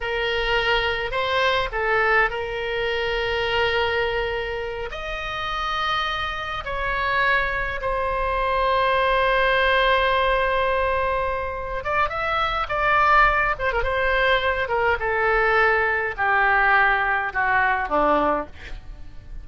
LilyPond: \new Staff \with { instrumentName = "oboe" } { \time 4/4 \tempo 4 = 104 ais'2 c''4 a'4 | ais'1~ | ais'8 dis''2. cis''8~ | cis''4. c''2~ c''8~ |
c''1~ | c''8 d''8 e''4 d''4. c''16 ais'16 | c''4. ais'8 a'2 | g'2 fis'4 d'4 | }